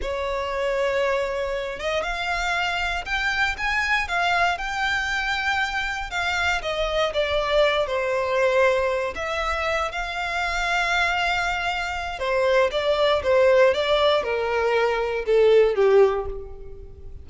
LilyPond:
\new Staff \with { instrumentName = "violin" } { \time 4/4 \tempo 4 = 118 cis''2.~ cis''8 dis''8 | f''2 g''4 gis''4 | f''4 g''2. | f''4 dis''4 d''4. c''8~ |
c''2 e''4. f''8~ | f''1 | c''4 d''4 c''4 d''4 | ais'2 a'4 g'4 | }